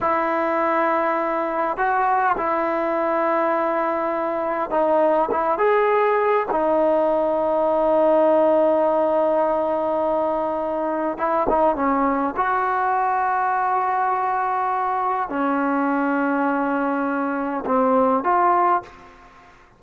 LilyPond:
\new Staff \with { instrumentName = "trombone" } { \time 4/4 \tempo 4 = 102 e'2. fis'4 | e'1 | dis'4 e'8 gis'4. dis'4~ | dis'1~ |
dis'2. e'8 dis'8 | cis'4 fis'2.~ | fis'2 cis'2~ | cis'2 c'4 f'4 | }